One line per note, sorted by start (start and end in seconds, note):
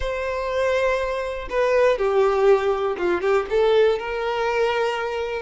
0.00 1.48 C5
1.49 1.97 B4
1.97 2.97 G4
2.97 3.21 F4
3.21 3.46 G4
3.50 3.98 A4
3.98 5.42 A#4